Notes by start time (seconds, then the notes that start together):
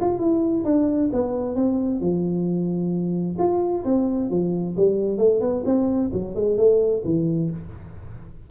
0.00 F4
0.18 E4
0.64 D4
1.12 B3
1.55 C4
2.00 F3
3.38 F4
3.84 C4
4.30 F3
4.76 G3
5.18 A3
5.40 B3
5.65 C4
6.13 F#3
6.35 G#3
6.57 A3
7.04 E3